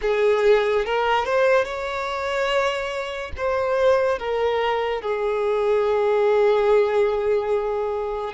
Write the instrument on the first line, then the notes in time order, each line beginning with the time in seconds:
violin
0.02 G#4
0.85 A#4
1.25 C5
1.64 C#5
3.36 C5
4.18 A#4
5.02 G#4